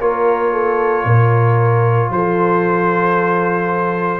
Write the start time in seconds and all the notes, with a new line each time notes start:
0.00 A#3 F4 A#4 C#5
0.52 A4
1.05 A#2 A#4
2.10 F3 A4 C5